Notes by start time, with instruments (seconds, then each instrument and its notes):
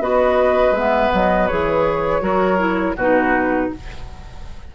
0.00 bassoon B3, clarinet F#4, oboe B4, flute D#5
0.71 bassoon G#3, clarinet B3, flute E5
1.14 bassoon F#3, flute D#5
1.48 bassoon E3, clarinet G#4, flute C#5
2.21 bassoon F#3, clarinet F#4, oboe A#4
2.58 clarinet E4
2.96 bassoon B2, clarinet D#4, oboe F#4, flute B4